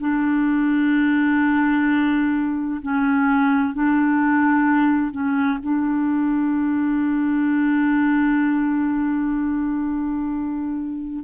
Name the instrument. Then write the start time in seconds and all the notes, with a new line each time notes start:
clarinet
0.00 D4
2.82 C#4
3.74 D4
5.12 C#4
5.63 D4